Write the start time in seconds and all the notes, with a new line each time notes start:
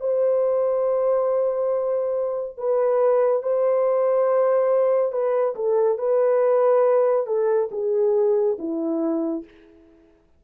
0.00 C5
2.57 B4
3.42 C5
5.12 B4
5.55 A4
5.98 B4
7.27 A4
7.71 G#4
8.59 E4